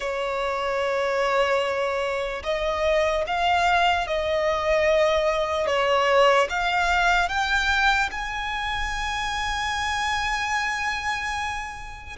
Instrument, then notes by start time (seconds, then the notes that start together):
violin
0.00 C#5
2.43 D#5
3.27 F5
4.07 D#5
5.66 C#5
6.49 F5
7.28 G5
8.11 G#5